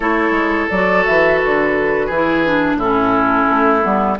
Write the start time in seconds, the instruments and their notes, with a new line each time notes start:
0.00 bassoon A3, clarinet E4, oboe A4, flute C#5
0.31 bassoon G#3
0.69 bassoon F#3, clarinet F#4, flute D5
1.05 bassoon E3, flute E5
1.38 bassoon D3, flute B4
2.06 bassoon E3, oboe G#4
2.12 clarinet E4
2.46 clarinet D4
2.75 bassoon A2, clarinet C#4, oboe E4, flute A4
3.50 bassoon A3
3.82 bassoon G3, clarinet B3